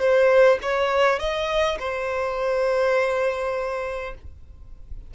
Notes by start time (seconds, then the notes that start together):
0.00 C5
0.62 C#5
1.19 D#5
1.80 C5